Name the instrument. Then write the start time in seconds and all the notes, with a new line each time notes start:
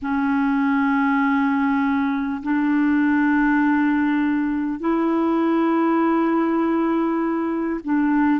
clarinet
0.02 C#4
2.43 D4
4.80 E4
7.83 D4